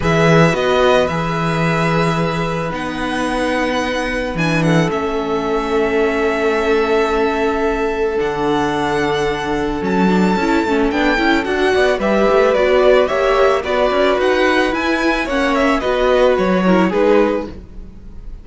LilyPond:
<<
  \new Staff \with { instrumentName = "violin" } { \time 4/4 \tempo 4 = 110 e''4 dis''4 e''2~ | e''4 fis''2. | gis''8 fis''8 e''2.~ | e''2. fis''4~ |
fis''2 a''2 | g''4 fis''4 e''4 d''4 | e''4 d''4 fis''4 gis''4 | fis''8 e''8 dis''4 cis''4 b'4 | }
  \new Staff \with { instrumentName = "violin" } { \time 4/4 b'1~ | b'1~ | b'8 a'2.~ a'8~ | a'1~ |
a'1~ | a'4. d''8 b'2 | cis''4 b'2. | cis''4 b'4. ais'8 gis'4 | }
  \new Staff \with { instrumentName = "viola" } { \time 4/4 gis'4 fis'4 gis'2~ | gis'4 dis'2. | d'4 cis'2.~ | cis'2. d'4~ |
d'2 cis'8 d'8 e'8 cis'8 | d'8 e'8 fis'4 g'4 fis'4 | g'4 fis'2 e'4 | cis'4 fis'4. e'8 dis'4 | }
  \new Staff \with { instrumentName = "cello" } { \time 4/4 e4 b4 e2~ | e4 b2. | e4 a2.~ | a2. d4~ |
d2 fis4 cis'8 a8 | b8 cis'8 d'8 b8 g8 a8 b4 | ais4 b8 cis'8 dis'4 e'4 | ais4 b4 fis4 gis4 | }
>>